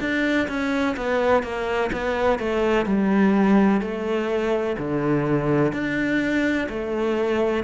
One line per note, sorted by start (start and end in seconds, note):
0.00 0.48 D4
0.48 0.96 C#4
0.97 1.43 B3
1.43 1.90 A#3
1.92 2.39 B3
2.39 2.86 A3
2.86 3.81 G3
3.81 4.76 A3
4.78 5.73 D3
5.73 6.68 D4
6.69 7.64 A3